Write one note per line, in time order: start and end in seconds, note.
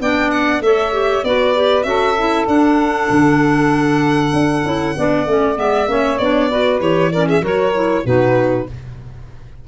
0.00 0.61 B3
0.00 0.62 D4
0.00 0.63 D5
0.00 0.31 G5
0.31 0.61 F#5
0.61 1.22 A3
0.61 0.92 A4
0.61 1.26 C#5
0.61 1.24 E5
0.92 1.23 G4
1.23 1.85 B3
1.23 1.55 F#4
1.23 1.86 B4
1.23 1.83 D5
1.55 1.83 G4
1.83 2.46 C#4
1.83 2.14 F#4
1.83 4.96 A4
1.83 2.45 E5
2.18 2.46 E4
2.46 4.63 D4
2.46 3.09 D4
2.46 5.58 F#5
3.10 4.33 D3
4.33 4.64 D4
4.64 4.96 C#4
4.64 4.95 E4
4.96 5.26 B3
4.96 5.27 D4
4.96 5.89 D5
5.26 5.57 A3
5.26 5.55 C#4
5.55 5.88 G#3
5.55 5.86 B3
5.55 6.18 E5
5.87 6.19 A#3
5.87 6.18 C#4
5.87 6.49 C#5
6.18 6.80 B3
6.18 6.51 D4
6.18 6.80 D5
6.49 6.80 F#4
6.49 7.11 B4
6.80 7.42 E3
6.80 7.11 G4
6.80 7.12 C#5
7.12 7.41 C#4
7.12 7.27 A#4
7.12 7.28 D5
7.27 7.41 G#4
7.27 7.44 E5
7.41 8.04 F#3
7.41 7.72 F#4
7.41 8.03 A#4
7.47 8.06 C#5
7.74 8.04 E4
8.04 8.67 B2
8.04 8.66 D#4
8.04 8.67 F#4
8.04 8.68 B4